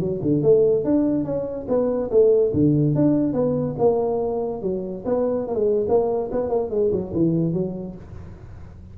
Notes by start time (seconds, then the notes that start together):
0.00 F#3
0.23 D3
0.43 A3
0.85 D4
1.25 C#4
1.69 B3
2.11 A3
2.54 D3
2.96 D4
3.34 B3
3.79 A#3
4.62 F#3
5.06 B3
5.47 A#3
5.55 G#3
5.89 A#3
6.32 B3
6.50 A#3
6.71 G#3
6.92 F#3
7.14 E3
7.54 F#3